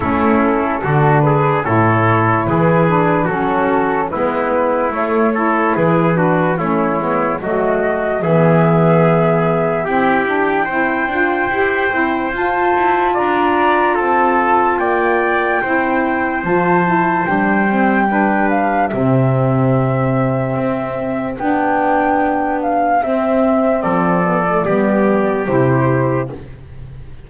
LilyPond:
<<
  \new Staff \with { instrumentName = "flute" } { \time 4/4 \tempo 4 = 73 a'4. b'8 cis''4 b'4 | a'4 b'4 cis''4 b'4 | cis''4 dis''4 e''2 | g''2. a''4 |
ais''4 a''4 g''2 | a''4 g''4. f''8 e''4~ | e''2 g''4. f''8 | e''4 d''2 c''4 | }
  \new Staff \with { instrumentName = "trumpet" } { \time 4/4 e'4 fis'8 gis'8 a'4 gis'4 | fis'4 e'4. a'8 gis'8 fis'8 | e'4 fis'4 gis'2 | g'4 c''2. |
d''4 a'4 d''4 c''4~ | c''2 b'4 g'4~ | g'1~ | g'4 a'4 g'2 | }
  \new Staff \with { instrumentName = "saxophone" } { \time 4/4 cis'4 d'4 e'4. d'8 | cis'4 b4 a8 e'4 d'8 | cis'8 b8 a4 b2 | c'8 d'8 e'8 f'8 g'8 e'8 f'4~ |
f'2. e'4 | f'8 e'8 d'8 c'8 d'4 c'4~ | c'2 d'2 | c'4. b16 a16 b4 e'4 | }
  \new Staff \with { instrumentName = "double bass" } { \time 4/4 a4 d4 a,4 e4 | fis4 gis4 a4 e4 | a8 gis8 fis4 e2 | e'4 c'8 d'8 e'8 c'8 f'8 e'8 |
d'4 c'4 ais4 c'4 | f4 g2 c4~ | c4 c'4 b2 | c'4 f4 g4 c4 | }
>>